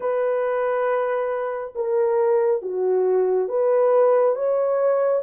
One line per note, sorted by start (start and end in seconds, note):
0.00 1.73 B4
1.75 2.62 A#4
2.62 3.48 F#4
3.48 4.35 B4
4.35 5.22 C#5